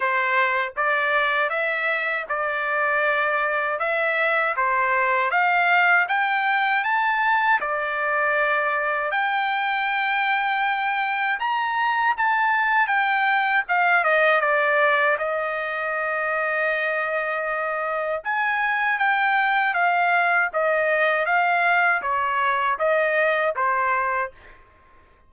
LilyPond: \new Staff \with { instrumentName = "trumpet" } { \time 4/4 \tempo 4 = 79 c''4 d''4 e''4 d''4~ | d''4 e''4 c''4 f''4 | g''4 a''4 d''2 | g''2. ais''4 |
a''4 g''4 f''8 dis''8 d''4 | dis''1 | gis''4 g''4 f''4 dis''4 | f''4 cis''4 dis''4 c''4 | }